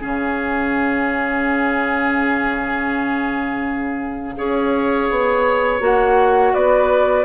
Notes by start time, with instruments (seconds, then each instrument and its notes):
0.00 bassoon C#3, clarinet C#4, oboe G#4, flute F5
4.36 bassoon C#4, clarinet G#4, oboe C#5
5.10 bassoon B3
5.80 bassoon A#3, clarinet F#4, flute F#5
6.53 bassoon B3, oboe B4, flute D5